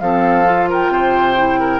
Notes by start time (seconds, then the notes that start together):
0.00 F3 C4 A4 F5
0.45 F4
0.69 A#4 G5
0.88 C3 C5
1.36 E4
1.60 A#4